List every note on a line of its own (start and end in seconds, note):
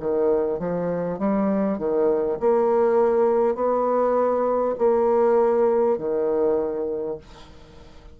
0.00 0.59 D#3
0.59 1.18 F3
1.18 1.78 G3
1.78 2.38 D#3
2.40 3.55 A#3
3.55 4.75 B3
4.78 5.98 A#3
5.98 7.18 D#3